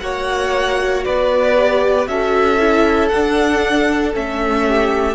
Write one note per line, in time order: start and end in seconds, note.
0.00 1.05 A#3
0.00 1.55 F#4
0.00 1.05 C#5
0.00 1.03 F#5
1.04 2.08 B3
1.04 2.08 B4
1.04 2.07 D5
1.55 2.06 G4
2.06 3.11 C#4
2.06 2.58 F#4
2.06 4.66 A4
2.06 3.08 E5
2.59 3.11 E4
3.08 4.13 D4
3.08 4.14 D4
3.08 4.12 F#5
4.13 5.15 A3
4.13 5.15 C#4
4.13 5.15 E5
4.66 5.15 G4